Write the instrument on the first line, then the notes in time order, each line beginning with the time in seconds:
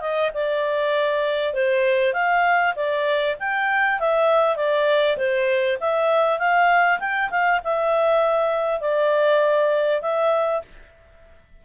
clarinet
0.00 D#5
0.33 D5
1.53 C5
2.13 F5
2.75 D5
3.39 G5
3.99 E5
4.56 D5
5.17 C5
5.80 E5
6.38 F5
6.99 G5
7.30 F5
7.64 E5
8.80 D5
10.01 E5